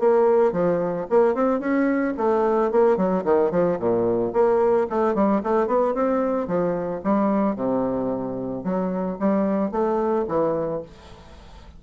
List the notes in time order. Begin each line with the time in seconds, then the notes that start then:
0.00 A#3
0.53 F3
1.10 A#3
1.35 C4
1.60 C#4
2.18 A3
2.72 A#3
2.98 F#3
3.25 D#3
3.52 F3
3.80 A#2
4.33 A#3
4.90 A3
5.15 G3
5.44 A3
5.68 B3
5.95 C4
6.48 F3
7.04 G3
7.56 C3
8.64 F#3
9.20 G3
9.72 A3
10.29 E3